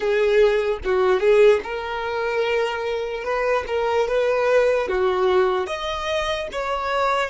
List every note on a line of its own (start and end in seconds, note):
0.00 0.78 G#4
0.84 1.19 F#4
1.19 1.60 G#4
1.63 3.24 A#4
3.24 3.64 B4
3.67 4.08 A#4
4.08 4.88 B4
4.88 5.66 F#4
5.66 6.48 D#5
6.52 7.29 C#5